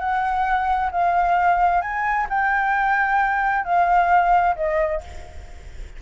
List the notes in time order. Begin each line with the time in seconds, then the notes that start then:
0.00 F#5
0.92 F5
1.82 G#5
2.30 G5
3.65 F5
4.56 D#5